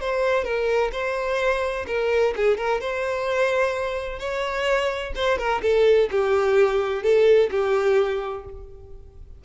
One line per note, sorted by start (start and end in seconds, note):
0.00 0.44 C5
0.44 0.91 A#4
0.92 1.86 C5
1.87 2.34 A#4
2.36 2.57 G#4
2.57 2.80 A#4
2.80 4.19 C5
4.19 5.13 C#5
5.15 5.38 C5
5.38 5.61 A#4
5.62 6.09 A4
6.11 7.03 G4
7.03 7.50 A4
7.51 8.45 G4